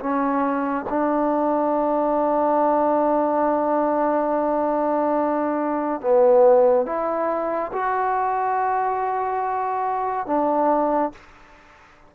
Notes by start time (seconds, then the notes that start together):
0.00 C#4
0.90 D4
6.01 B3
6.86 E4
7.73 F#4
10.27 D4